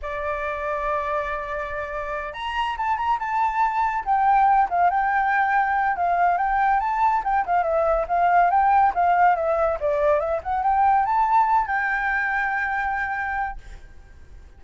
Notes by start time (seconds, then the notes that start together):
0.02 D5
2.33 A#5
2.77 A5
2.97 A#5
3.19 A5
4.04 G5
4.69 F5
4.90 G5
5.96 F5
6.37 G5
6.80 A5
7.23 G5
7.46 F5
7.63 E5
8.08 F5
8.50 G5
8.94 F5
9.35 E5
9.79 D5
10.19 E5
10.43 F#5
10.63 G5
11.05 A5
11.66 G5